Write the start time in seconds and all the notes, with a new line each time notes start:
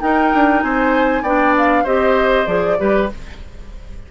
0.00 D#4 A#4 G5
0.34 D4
0.62 C4 C5 G#5
1.23 B3 D4 D5 G5
1.58 F5
1.84 C4 G4 C5 D#5
2.47 F3 G#4 D5
2.79 G3 G4 B4